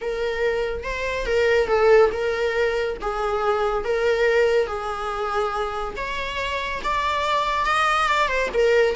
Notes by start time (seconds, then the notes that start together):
0.01 A#4
0.83 C5
1.26 A#4
1.67 A4
2.12 A#4
3.01 G#4
3.84 A#4
4.67 G#4
5.96 C#5
6.83 D5
7.65 D#5
8.07 D5
8.27 C5
8.53 A#4